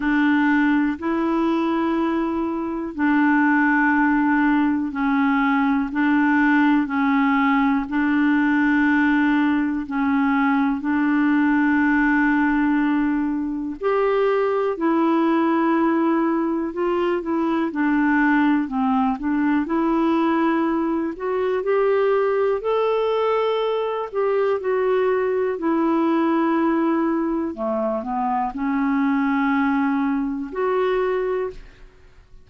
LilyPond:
\new Staff \with { instrumentName = "clarinet" } { \time 4/4 \tempo 4 = 61 d'4 e'2 d'4~ | d'4 cis'4 d'4 cis'4 | d'2 cis'4 d'4~ | d'2 g'4 e'4~ |
e'4 f'8 e'8 d'4 c'8 d'8 | e'4. fis'8 g'4 a'4~ | a'8 g'8 fis'4 e'2 | a8 b8 cis'2 fis'4 | }